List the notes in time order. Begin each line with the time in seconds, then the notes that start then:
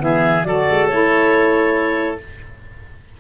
0.00 E3 B3 G#4 E5
0.44 F#3 F#4 A4 D5
0.70 G#3
0.88 A3 E4 C#5